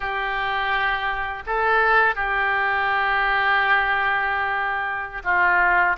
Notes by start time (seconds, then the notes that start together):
0.00 G4
1.46 A4
2.15 G4
5.24 F4